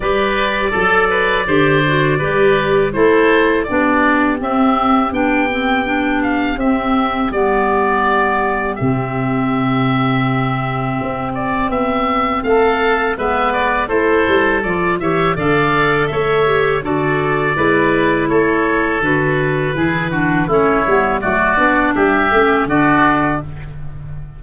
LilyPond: <<
  \new Staff \with { instrumentName = "oboe" } { \time 4/4 \tempo 4 = 82 d''1 | c''4 d''4 e''4 g''4~ | g''8 f''8 e''4 d''2 | e''2.~ e''8 d''8 |
e''4 f''4 e''8 d''8 c''4 | d''8 e''8 f''4 e''4 d''4~ | d''4 cis''4 b'2 | cis''4 d''4 e''4 d''4 | }
  \new Staff \with { instrumentName = "oboe" } { \time 4/4 b'4 a'8 b'8 c''4 b'4 | a'4 g'2.~ | g'1~ | g'1~ |
g'4 a'4 b'4 a'4~ | a'8 cis''8 d''4 cis''4 a'4 | b'4 a'2 gis'8 fis'8 | e'4 fis'4 g'4 fis'4 | }
  \new Staff \with { instrumentName = "clarinet" } { \time 4/4 g'4 a'4 g'8 fis'8 g'4 | e'4 d'4 c'4 d'8 c'8 | d'4 c'4 b2 | c'1~ |
c'2 b4 e'4 | f'8 g'8 a'4. g'8 fis'4 | e'2 fis'4 e'8 d'8 | cis'8 b8 a8 d'4 cis'8 d'4 | }
  \new Staff \with { instrumentName = "tuba" } { \time 4/4 g4 fis4 d4 g4 | a4 b4 c'4 b4~ | b4 c'4 g2 | c2. c'4 |
b4 a4 gis4 a8 g8 | f8 e8 d4 a4 d4 | gis4 a4 d4 e4 | a8 g8 fis8 b8 g8 a8 d4 | }
>>